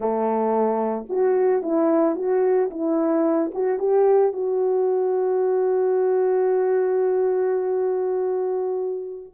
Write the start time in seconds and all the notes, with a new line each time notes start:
0.00 A3
1.09 F#4
1.62 E4
2.15 F#4
2.70 E4
3.54 F#4
3.78 G4
4.32 F#4